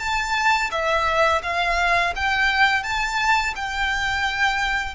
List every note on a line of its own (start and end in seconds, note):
0.00 0.71 A5
0.71 1.42 E5
1.43 2.14 F5
2.16 2.84 G5
2.84 3.54 A5
3.56 4.95 G5